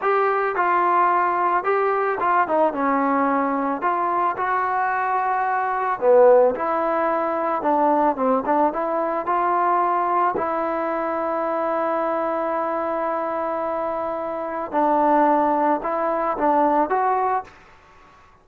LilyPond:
\new Staff \with { instrumentName = "trombone" } { \time 4/4 \tempo 4 = 110 g'4 f'2 g'4 | f'8 dis'8 cis'2 f'4 | fis'2. b4 | e'2 d'4 c'8 d'8 |
e'4 f'2 e'4~ | e'1~ | e'2. d'4~ | d'4 e'4 d'4 fis'4 | }